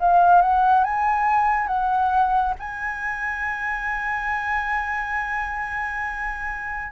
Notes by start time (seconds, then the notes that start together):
0.00 F5
0.42 F#5
0.84 G#5
1.68 F#5
2.60 G#5